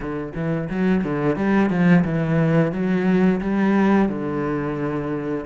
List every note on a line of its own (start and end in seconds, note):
0.00 0.33 D3
0.34 0.68 E3
0.69 1.04 F#3
1.04 1.36 D3
1.36 1.70 G3
1.70 2.04 F3
2.04 2.72 E3
2.72 3.40 F#3
3.40 4.08 G3
4.08 5.45 D3